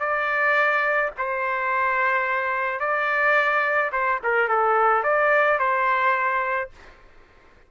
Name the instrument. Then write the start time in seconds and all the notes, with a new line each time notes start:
trumpet
0.00 D5
1.18 C5
2.80 D5
3.92 C5
4.23 A#4
4.49 A4
5.04 D5
5.59 C5